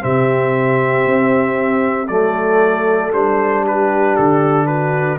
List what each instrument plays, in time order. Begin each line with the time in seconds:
0.00 tuba C3, trombone C4, horn G4, trumpet E5
1.05 tuba C4
2.08 tuba F#3, trombone A3, horn A4, trumpet D5
3.12 tuba G3, trombone D4, trumpet C5
3.63 horn G4, trumpet B4
4.16 tuba D3, trumpet A4
4.66 horn F#4, trumpet B4